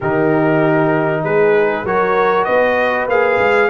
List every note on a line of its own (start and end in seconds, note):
0.00 1.23 D#3
0.00 1.86 D#4
0.00 1.23 G4
0.00 1.23 A#4
1.23 1.84 G#3
1.23 1.85 G#4
1.23 1.85 B4
1.84 2.46 F#3
1.84 3.09 F#4
1.84 2.46 A#4
1.84 2.44 C#5
2.44 3.07 B3
2.44 3.69 B4
2.44 3.06 D#5
3.07 3.38 A#3
3.07 3.69 G#4
3.07 3.69 F5
3.38 3.69 G#3